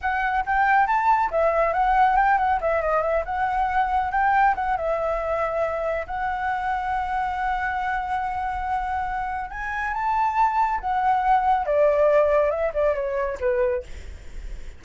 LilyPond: \new Staff \with { instrumentName = "flute" } { \time 4/4 \tempo 4 = 139 fis''4 g''4 a''4 e''4 | fis''4 g''8 fis''8 e''8 dis''8 e''8 fis''8~ | fis''4. g''4 fis''8 e''4~ | e''2 fis''2~ |
fis''1~ | fis''2 gis''4 a''4~ | a''4 fis''2 d''4~ | d''4 e''8 d''8 cis''4 b'4 | }